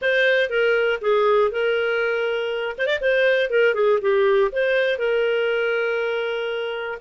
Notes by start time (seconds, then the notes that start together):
0.01 C5
0.49 A#4
1.01 G#4
1.51 A#4
2.78 C5
2.86 D5
3.00 C5
3.50 A#4
3.74 G#4
4.01 G4
4.52 C5
4.98 A#4